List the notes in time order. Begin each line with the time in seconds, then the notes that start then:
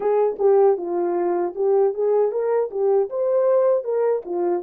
0.00 G#4
0.38 G4
0.77 F4
1.55 G4
1.93 G#4
2.31 A#4
2.70 G4
3.09 C5
3.84 A#4
4.25 F4